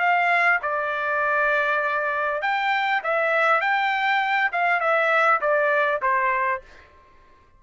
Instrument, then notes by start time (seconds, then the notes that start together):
trumpet
0.00 F5
0.63 D5
2.42 G5
3.04 E5
3.61 G5
4.53 F5
4.81 E5
5.42 D5
6.02 C5